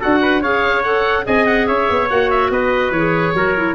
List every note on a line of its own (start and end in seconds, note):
0.00 0.44 D4
0.00 0.42 F#4
0.00 0.21 A4
0.00 0.44 F#5
0.22 0.41 B4
0.41 1.27 C#4
0.41 0.84 G#4
0.41 1.25 C#5
0.41 0.83 F5
0.83 1.25 A4
0.83 1.25 F#5
1.25 1.69 C4
1.25 2.08 G#4
1.25 1.68 D#5
1.25 1.47 G#5
1.47 1.68 F#5
1.68 1.90 C#4
1.68 2.51 C#5
1.68 2.09 E5
1.90 2.11 B3
2.10 2.51 A#3
2.10 2.94 F#4
2.10 2.31 F#5
2.31 2.52 E5
2.51 2.91 B3
2.51 3.36 B4
2.51 2.92 D#5
2.91 3.33 E3
2.91 3.37 G#4
2.91 3.76 C#5
3.34 3.76 F#3
3.34 3.57 F#4
3.34 3.76 A#4
3.57 3.76 E4